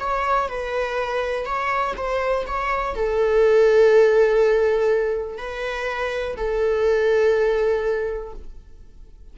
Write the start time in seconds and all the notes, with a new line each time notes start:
0.00 C#5
0.49 B4
1.45 C#5
1.96 C5
2.46 C#5
2.95 A4
5.38 B4
6.37 A4